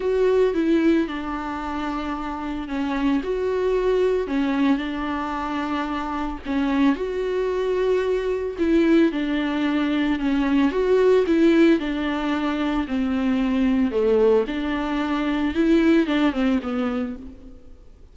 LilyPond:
\new Staff \with { instrumentName = "viola" } { \time 4/4 \tempo 4 = 112 fis'4 e'4 d'2~ | d'4 cis'4 fis'2 | cis'4 d'2. | cis'4 fis'2. |
e'4 d'2 cis'4 | fis'4 e'4 d'2 | c'2 a4 d'4~ | d'4 e'4 d'8 c'8 b4 | }